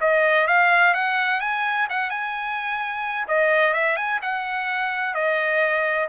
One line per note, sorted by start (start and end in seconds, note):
0.00 0.47 D#5
0.47 0.94 F5
0.94 1.40 F#5
1.40 1.87 G#5
1.89 2.10 F#5
2.10 3.27 G#5
3.28 3.73 D#5
3.73 3.96 E5
3.96 4.19 G#5
4.22 5.14 F#5
5.14 6.08 D#5